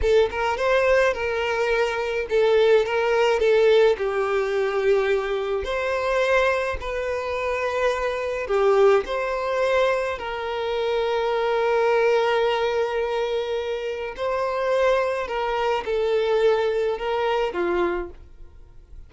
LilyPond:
\new Staff \with { instrumentName = "violin" } { \time 4/4 \tempo 4 = 106 a'8 ais'8 c''4 ais'2 | a'4 ais'4 a'4 g'4~ | g'2 c''2 | b'2. g'4 |
c''2 ais'2~ | ais'1~ | ais'4 c''2 ais'4 | a'2 ais'4 f'4 | }